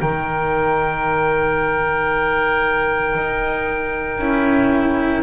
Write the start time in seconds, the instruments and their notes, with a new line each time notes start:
0.00 double bass D#3, cello D#4, oboe A#4 G5
3.16 double bass D#4
4.18 double bass C#4, cello E4